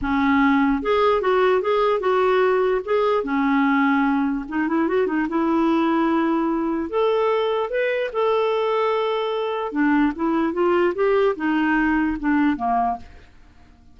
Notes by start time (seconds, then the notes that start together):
0.01 C#4
0.82 G#4
1.21 F#4
1.61 G#4
2.00 F#4
2.84 G#4
3.23 C#4
4.48 D#4
4.68 E4
4.88 F#4
5.06 D#4
5.28 E4
6.89 A4
7.70 B4
8.12 A4
9.72 D4
10.15 E4
10.53 F4
10.95 G4
11.36 D#4
12.19 D4
12.56 A#3